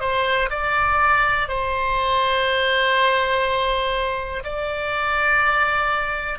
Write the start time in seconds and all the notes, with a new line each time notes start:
0.00 C5
0.50 D5
1.48 C5
4.43 D5